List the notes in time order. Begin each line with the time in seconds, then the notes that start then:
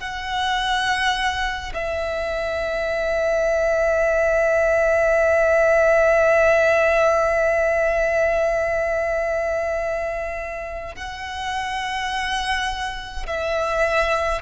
0.00 F#5
1.74 E5
10.96 F#5
13.27 E5